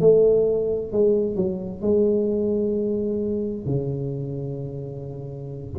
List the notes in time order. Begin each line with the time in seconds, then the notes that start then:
0.00 A3
0.92 G#3
1.36 F#3
1.81 G#3
3.65 C#3